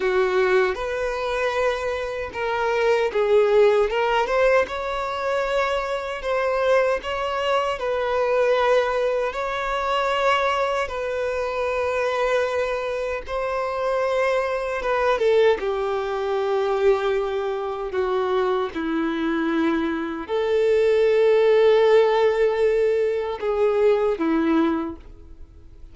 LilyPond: \new Staff \with { instrumentName = "violin" } { \time 4/4 \tempo 4 = 77 fis'4 b'2 ais'4 | gis'4 ais'8 c''8 cis''2 | c''4 cis''4 b'2 | cis''2 b'2~ |
b'4 c''2 b'8 a'8 | g'2. fis'4 | e'2 a'2~ | a'2 gis'4 e'4 | }